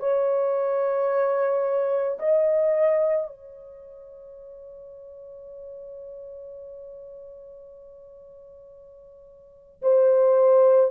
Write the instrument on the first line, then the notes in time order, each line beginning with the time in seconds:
horn
0.00 C#5
2.20 D#5
3.27 C#5
9.82 C5